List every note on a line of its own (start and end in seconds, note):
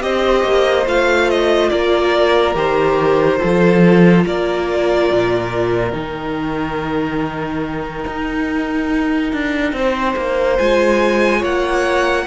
0.00 0.44 C4
0.00 0.85 G4
0.00 1.71 C5
0.00 0.86 D#5
0.44 0.86 A#3
0.86 1.71 A3
0.86 2.55 F4
0.86 1.30 F5
1.30 1.69 D#5
1.69 2.55 A#3
1.69 3.40 A#4
1.69 2.54 D5
2.55 3.40 D#3
2.55 3.38 G4
2.55 4.26 C5
3.38 5.91 F4
3.38 4.24 A4
3.44 4.26 F3
4.26 5.10 A#3
4.26 9.76 A#4
4.26 5.95 D5
5.12 5.93 A#2
5.92 8.05 D#3
5.92 10.57 D#4
5.92 10.58 G5
8.07 9.33 D#4
9.33 9.73 D4
9.73 10.15 C4
9.73 11.39 C5
10.16 10.59 A#3
10.58 11.43 G#3
10.58 12.27 F4
10.58 11.43 G#5
11.39 12.27 A#3
11.39 12.24 C#5
11.39 12.27 F#5